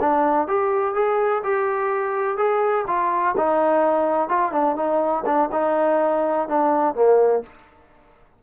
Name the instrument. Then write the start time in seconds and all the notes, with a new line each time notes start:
trombone
0.00 D4
0.47 G4
0.94 G#4
1.43 G4
2.37 G#4
2.87 F4
3.37 D#4
4.28 F4
4.52 D4
4.76 D#4
5.25 D4
5.52 D#4
6.48 D4
6.94 A#3